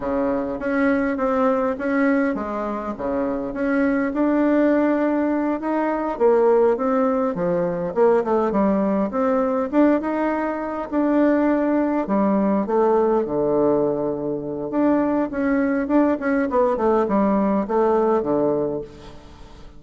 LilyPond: \new Staff \with { instrumentName = "bassoon" } { \time 4/4 \tempo 4 = 102 cis4 cis'4 c'4 cis'4 | gis4 cis4 cis'4 d'4~ | d'4. dis'4 ais4 c'8~ | c'8 f4 ais8 a8 g4 c'8~ |
c'8 d'8 dis'4. d'4.~ | d'8 g4 a4 d4.~ | d4 d'4 cis'4 d'8 cis'8 | b8 a8 g4 a4 d4 | }